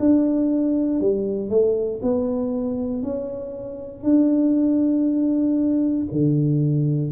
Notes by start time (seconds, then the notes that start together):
0.00 D4
1.01 G3
1.50 A3
2.02 B3
3.03 C#4
4.04 D4
6.12 D3